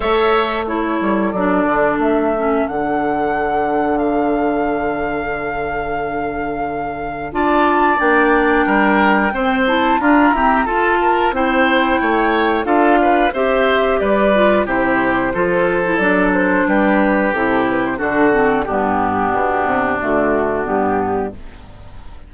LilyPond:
<<
  \new Staff \with { instrumentName = "flute" } { \time 4/4 \tempo 4 = 90 e''4 cis''4 d''4 e''4 | fis''2 f''2~ | f''2. a''4 | g''2~ g''8 a''8 ais''4 |
a''4 g''2 f''4 | e''4 d''4 c''2 | d''8 c''8 b'4 a'8 b'16 c''16 a'4 | g'2 fis'4 g'4 | }
  \new Staff \with { instrumentName = "oboe" } { \time 4/4 cis''4 a'2.~ | a'1~ | a'2. d''4~ | d''4 ais'4 c''4 f'8 g'8 |
a'8 ais'8 c''4 cis''4 a'8 b'8 | c''4 b'4 g'4 a'4~ | a'4 g'2 fis'4 | d'1 | }
  \new Staff \with { instrumentName = "clarinet" } { \time 4/4 a'4 e'4 d'4. cis'8 | d'1~ | d'2. f'4 | d'2 c'8 e'8 d'8 c'8 |
f'4 e'2 f'4 | g'4. f'8 e'4 f'8. e'16 | d'2 e'4 d'8 c'8 | b2 a4 b4 | }
  \new Staff \with { instrumentName = "bassoon" } { \time 4/4 a4. g8 fis8 d8 a4 | d1~ | d2. d'4 | ais4 g4 c'4 d'8 e'8 |
f'4 c'4 a4 d'4 | c'4 g4 c4 f4 | fis4 g4 c4 d4 | g,4 b,8 c8 d4 g,4 | }
>>